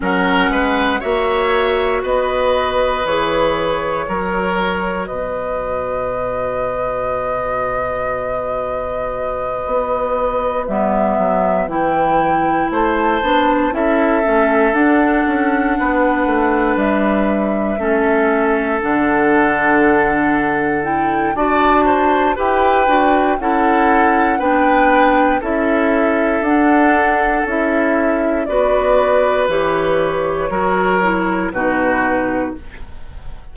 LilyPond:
<<
  \new Staff \with { instrumentName = "flute" } { \time 4/4 \tempo 4 = 59 fis''4 e''4 dis''4 cis''4~ | cis''4 dis''2.~ | dis''2~ dis''8 e''4 g''8~ | g''8 a''4 e''4 fis''4.~ |
fis''8 e''2 fis''4.~ | fis''8 g''8 a''4 g''4 fis''4 | g''4 e''4 fis''4 e''4 | d''4 cis''2 b'4 | }
  \new Staff \with { instrumentName = "oboe" } { \time 4/4 ais'8 b'8 cis''4 b'2 | ais'4 b'2.~ | b'1~ | b'8 c''4 a'2 b'8~ |
b'4. a'2~ a'8~ | a'4 d''8 c''8 b'4 a'4 | b'4 a'2. | b'2 ais'4 fis'4 | }
  \new Staff \with { instrumentName = "clarinet" } { \time 4/4 cis'4 fis'2 gis'4 | fis'1~ | fis'2~ fis'8 b4 e'8~ | e'4 d'8 e'8 cis'8 d'4.~ |
d'4. cis'4 d'4.~ | d'8 e'8 fis'4 g'8 fis'8 e'4 | d'4 e'4 d'4 e'4 | fis'4 g'4 fis'8 e'8 dis'4 | }
  \new Staff \with { instrumentName = "bassoon" } { \time 4/4 fis8 gis8 ais4 b4 e4 | fis4 b,2.~ | b,4. b4 g8 fis8 e8~ | e8 a8 b8 cis'8 a8 d'8 cis'8 b8 |
a8 g4 a4 d4.~ | d4 d'4 e'8 d'8 cis'4 | b4 cis'4 d'4 cis'4 | b4 e4 fis4 b,4 | }
>>